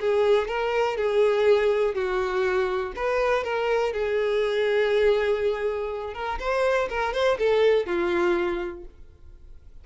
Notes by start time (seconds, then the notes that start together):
0.00 G#4
0.48 A#4
0.97 G#4
1.94 F#4
2.96 B4
3.44 A#4
3.93 G#4
6.14 A#4
6.39 C5
6.89 A#4
7.13 C5
7.38 A4
7.86 F4